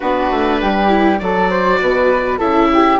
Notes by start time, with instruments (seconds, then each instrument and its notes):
0.00 bassoon B3, viola D4, flute F#4, oboe B4
0.31 bassoon A3
0.60 bassoon G3, flute G4
0.88 viola E4
1.18 bassoon F#3, viola F#4, flute A4, oboe D5
1.49 flute C5
1.80 bassoon B2, flute B4
2.38 bassoon C#3, viola E4, flute A4, oboe E5
2.73 flute G4